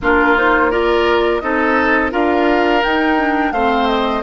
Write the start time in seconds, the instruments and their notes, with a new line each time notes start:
0.01 bassoon A#3, clarinet D4, oboe F4, flute A#4
0.36 clarinet D#4, flute C5
0.71 clarinet F4, oboe A#4, flute D5
1.40 bassoon C4, clarinet D#4, oboe A4, flute D#5
2.11 bassoon D4, clarinet F4, oboe A#4, flute F5
2.83 clarinet D#4, bassoon D#4, flute G5
3.18 clarinet D4
3.51 bassoon A3, clarinet C4, oboe C5, flute F5
3.87 flute D#5